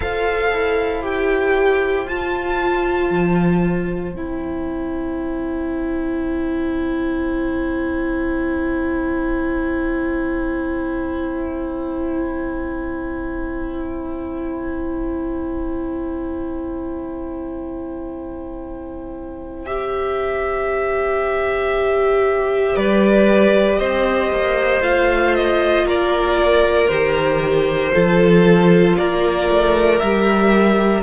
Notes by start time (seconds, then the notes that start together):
0.00 F4 A4 C5 F5
0.52 E4
1.02 G4 G5
2.05 F4 A5
3.10 F3
4.12 C4 E4 G5
19.66 G4 E5
22.75 G3 B4 D5
23.77 C4 C5 D#5
24.31 A#3
24.81 A3 F4 F5
25.35 D#5
25.85 A#3 A#4 D5
26.87 D#3 G4 C5
27.92 F3 F4 A4
28.96 A#3 A#4 D5
29.49 A3
29.99 G3 G4 E5